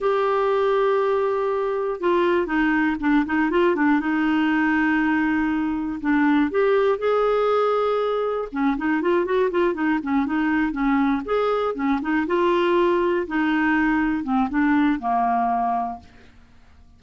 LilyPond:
\new Staff \with { instrumentName = "clarinet" } { \time 4/4 \tempo 4 = 120 g'1 | f'4 dis'4 d'8 dis'8 f'8 d'8 | dis'1 | d'4 g'4 gis'2~ |
gis'4 cis'8 dis'8 f'8 fis'8 f'8 dis'8 | cis'8 dis'4 cis'4 gis'4 cis'8 | dis'8 f'2 dis'4.~ | dis'8 c'8 d'4 ais2 | }